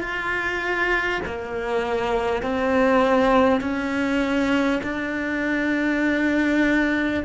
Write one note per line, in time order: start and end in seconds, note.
0.00 1.20 F4
1.25 2.42 A#3
2.42 3.61 C4
3.61 4.81 C#4
4.83 7.23 D4